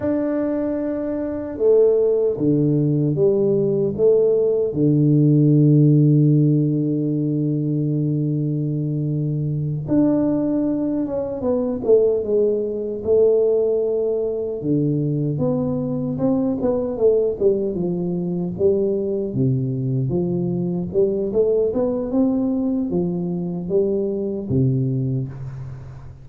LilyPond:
\new Staff \with { instrumentName = "tuba" } { \time 4/4 \tempo 4 = 76 d'2 a4 d4 | g4 a4 d2~ | d1~ | d8 d'4. cis'8 b8 a8 gis8~ |
gis8 a2 d4 b8~ | b8 c'8 b8 a8 g8 f4 g8~ | g8 c4 f4 g8 a8 b8 | c'4 f4 g4 c4 | }